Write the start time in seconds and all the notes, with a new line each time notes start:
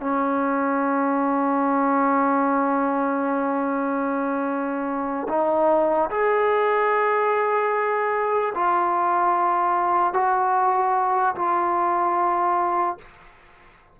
0.00 C#4
5.28 D#4
6.10 G#4
8.54 F4
10.13 F#4
11.35 F4